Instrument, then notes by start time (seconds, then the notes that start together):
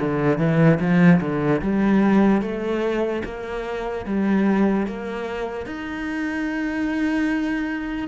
cello
0.00 D3
0.38 E3
0.80 F3
1.21 D3
1.62 G3
2.42 A3
3.25 A#3
4.06 G3
4.87 A#3
5.66 D#4